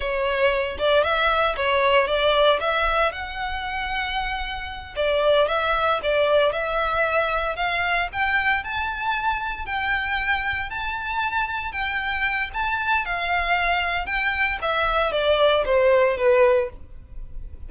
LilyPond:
\new Staff \with { instrumentName = "violin" } { \time 4/4 \tempo 4 = 115 cis''4. d''8 e''4 cis''4 | d''4 e''4 fis''2~ | fis''4. d''4 e''4 d''8~ | d''8 e''2 f''4 g''8~ |
g''8 a''2 g''4.~ | g''8 a''2 g''4. | a''4 f''2 g''4 | e''4 d''4 c''4 b'4 | }